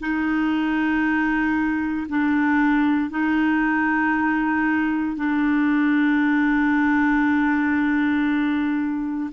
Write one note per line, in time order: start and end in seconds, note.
0.00 2.07 D#4
2.09 3.10 D4
3.10 5.16 D#4
5.16 9.30 D4